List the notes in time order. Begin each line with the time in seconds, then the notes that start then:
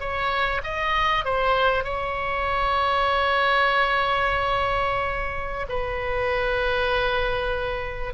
0.00 C#5
0.64 D#5
1.25 C5
1.84 C#5
5.69 B4